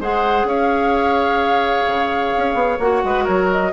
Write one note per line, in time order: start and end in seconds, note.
0.00 0.44 G#3
0.00 2.80 G#4
0.00 0.47 C5
0.00 0.48 F#5
0.44 1.84 C#4
0.44 3.04 C#5
0.44 2.79 F5
1.86 2.33 C#3
2.37 2.54 C#4
2.54 2.77 B3
2.79 3.03 A#3
2.79 3.72 F#4
2.79 3.25 F#5
3.04 3.27 G#3
3.04 3.24 B4
3.24 3.72 F#3
3.24 3.71 A#4
3.24 3.48 C#5
3.51 3.72 D#5